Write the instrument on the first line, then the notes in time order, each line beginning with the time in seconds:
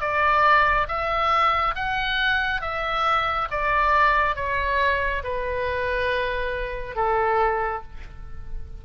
oboe
0.00 D5
0.87 E5
1.75 F#5
2.61 E5
3.50 D5
4.35 C#5
5.23 B4
6.95 A4